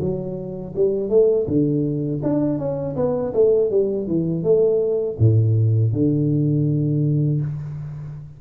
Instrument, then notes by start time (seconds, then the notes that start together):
tuba
0.00 F#3
0.75 G3
1.09 A3
1.47 D3
2.23 D4
2.58 C#4
2.96 B3
3.33 A3
3.70 G3
4.07 E3
4.43 A3
5.18 A2
5.92 D3